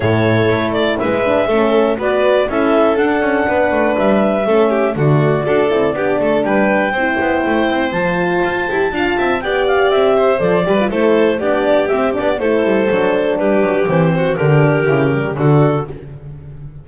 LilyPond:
<<
  \new Staff \with { instrumentName = "clarinet" } { \time 4/4 \tempo 4 = 121 cis''4. d''8 e''2 | d''4 e''4 fis''2 | e''2 d''2~ | d''4 g''2. |
a''2. g''8 f''8 | e''4 d''4 c''4 d''4 | e''8 d''8 c''2 b'4 | c''4 ais'2 a'4 | }
  \new Staff \with { instrumentName = "violin" } { \time 4/4 a'2 b'4 a'4 | b'4 a'2 b'4~ | b'4 a'8 g'8 fis'4 a'4 | g'8 a'8 b'4 c''2~ |
c''2 f''8 e''8 d''4~ | d''8 c''4 b'8 a'4 g'4~ | g'4 a'2 g'4~ | g'8 fis'8 g'2 fis'4 | }
  \new Staff \with { instrumentName = "horn" } { \time 4/4 e'2~ e'8 d'8 cis'4 | fis'4 e'4 d'2~ | d'4 cis'4 a4 fis'8 e'8 | d'2 e'2 |
f'4. g'8 f'4 g'4~ | g'4 a'8 g'16 f'16 e'4 d'4 | c'8 d'8 e'4 d'2 | c'4 d'4 e'8 g8 d'4 | }
  \new Staff \with { instrumentName = "double bass" } { \time 4/4 a,4 a4 gis4 a4 | b4 cis'4 d'8 cis'8 b8 a8 | g4 a4 d4 d'8 c'8 | b8 a8 g4 c'8 b8 a8 c'8 |
f4 f'8 e'8 d'8 c'8 b4 | c'4 f8 g8 a4 b4 | c'8 b8 a8 g8 fis4 g8 fis8 | e4 d4 cis4 d4 | }
>>